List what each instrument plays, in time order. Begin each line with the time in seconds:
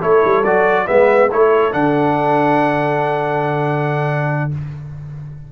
0.00 tuba A3, trombone E4, horn A4, trumpet C#5
0.25 tuba G3
0.44 tuba F#3, trombone F#4, trumpet D5
0.86 tuba G#3, trombone B3, horn B4, trumpet E5
1.30 tuba A3, trombone E4, horn A4, trumpet C#5
1.72 tuba D3, trombone D4, trumpet F#5